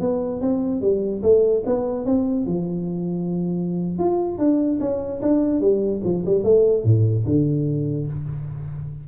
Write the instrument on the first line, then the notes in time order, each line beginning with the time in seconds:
tuba
0.00 B3
0.41 C4
0.81 G3
1.22 A3
1.66 B3
2.05 C4
2.46 F3
3.99 F4
4.38 D4
4.80 C#4
5.22 D4
5.60 G3
6.04 F3
6.26 G3
6.44 A3
6.84 A2
7.25 D3